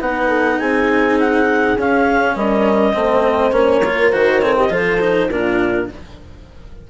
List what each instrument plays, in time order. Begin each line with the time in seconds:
0.00 bassoon B3, cello D#4, horn B4, clarinet F#5
0.28 horn A4
0.59 bassoon C4, horn G#4, clarinet G#5
1.20 clarinet F#5
1.77 bassoon C#4, cello C#4, clarinet F5
2.36 bassoon G3, horn A#4, clarinet D#5
2.94 bassoon A3, cello C4, horn C5
3.52 bassoon A#3, cello C#4, clarinet C#5
3.82 cello F4, horn A#4
4.11 bassoon D#3, cello F#4, clarinet C5
4.39 cello C4, horn A4, clarinet C#5
4.57 horn G4, clarinet D#5
4.70 bassoon F3, cello F4, horn A4, clarinet C5
5.00 cello D#4
5.30 bassoon A#2, cello D4, horn F4, clarinet A#4